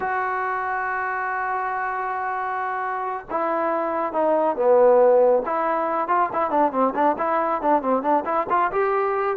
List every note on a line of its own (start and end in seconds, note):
0.00 3.25 F#4
3.30 4.13 E4
4.13 4.56 D#4
4.56 5.42 B3
5.45 6.08 E4
6.08 6.29 F4
6.33 6.50 E4
6.50 6.72 D4
6.72 6.93 C4
6.94 7.16 D4
7.18 7.61 E4
7.61 7.81 D4
7.81 8.02 C4
8.02 8.24 D4
8.25 8.46 E4
8.49 8.71 F4
8.71 9.36 G4